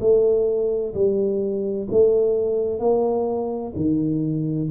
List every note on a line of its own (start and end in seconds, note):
0.00 0.94 A3
0.94 1.87 G3
1.91 2.79 A3
2.79 3.73 A#3
3.75 4.69 D#3